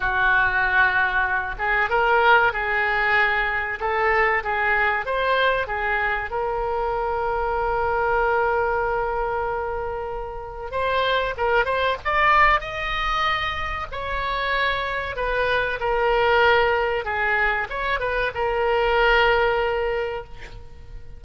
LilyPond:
\new Staff \with { instrumentName = "oboe" } { \time 4/4 \tempo 4 = 95 fis'2~ fis'8 gis'8 ais'4 | gis'2 a'4 gis'4 | c''4 gis'4 ais'2~ | ais'1~ |
ais'4 c''4 ais'8 c''8 d''4 | dis''2 cis''2 | b'4 ais'2 gis'4 | cis''8 b'8 ais'2. | }